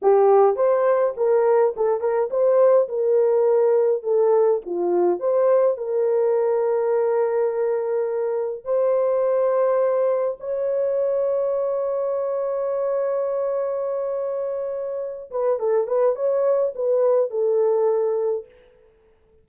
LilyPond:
\new Staff \with { instrumentName = "horn" } { \time 4/4 \tempo 4 = 104 g'4 c''4 ais'4 a'8 ais'8 | c''4 ais'2 a'4 | f'4 c''4 ais'2~ | ais'2. c''4~ |
c''2 cis''2~ | cis''1~ | cis''2~ cis''8 b'8 a'8 b'8 | cis''4 b'4 a'2 | }